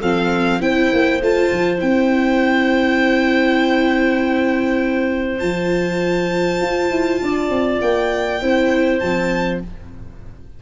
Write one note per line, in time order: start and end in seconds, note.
0.00 0.61 F3
0.00 0.60 C4
0.00 0.60 A4
0.00 0.62 F5
0.60 0.91 C4
0.60 1.20 E4
0.60 7.22 C5
0.60 1.22 G5
0.94 1.21 A#3
1.21 1.51 A3
1.21 1.78 F4
1.21 1.80 A5
1.52 1.82 F3
1.78 5.42 C4
1.78 5.38 E4
1.78 5.40 G5
5.40 6.61 F3
5.40 8.40 F4
5.40 7.80 A5
6.61 6.91 F4
6.91 7.21 E4
7.22 7.50 D4
7.22 8.42 D5
7.50 7.80 C4
7.81 8.42 A#3
7.81 9.00 G5
8.42 9.02 C4
8.42 9.02 E4
8.42 9.62 C5
9.00 9.63 F3
9.00 9.62 C4
9.00 9.60 A5